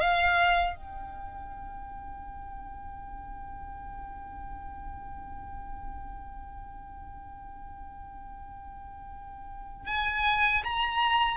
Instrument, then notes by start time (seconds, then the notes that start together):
violin
0.00 F5
0.76 G5
9.87 G#5
10.64 A#5